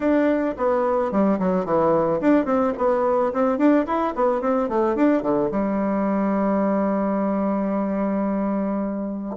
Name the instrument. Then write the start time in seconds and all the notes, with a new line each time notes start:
bassoon
0.00 D4
0.57 B3
1.11 G3
1.39 F#3
1.65 E3
2.20 D4
2.45 C4
2.77 B3
3.33 C4
3.58 D4
3.86 E4
4.15 B3
4.41 C4
4.68 A3
4.95 D4
5.22 D3
5.51 G3